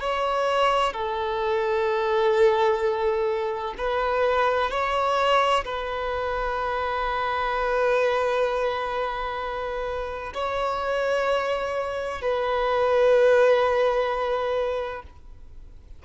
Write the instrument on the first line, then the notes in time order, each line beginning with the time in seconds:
violin
0.00 C#5
0.93 A4
3.78 B4
4.71 C#5
5.65 B4
10.34 C#5
12.22 B4